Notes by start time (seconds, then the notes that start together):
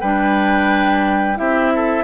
0.00 G3 D4 B4 G5
1.36 C4 E4 G4 E5
1.75 A4